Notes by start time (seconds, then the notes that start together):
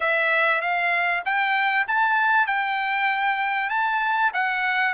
0.00 E5
0.61 F5
1.25 G5
1.87 A5
2.46 G5
3.69 A5
4.33 F#5